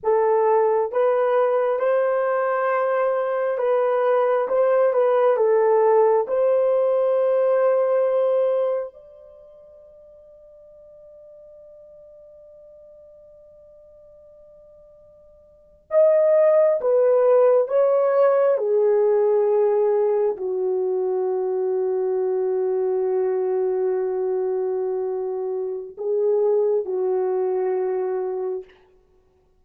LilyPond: \new Staff \with { instrumentName = "horn" } { \time 4/4 \tempo 4 = 67 a'4 b'4 c''2 | b'4 c''8 b'8 a'4 c''4~ | c''2 d''2~ | d''1~ |
d''4.~ d''16 dis''4 b'4 cis''16~ | cis''8. gis'2 fis'4~ fis'16~ | fis'1~ | fis'4 gis'4 fis'2 | }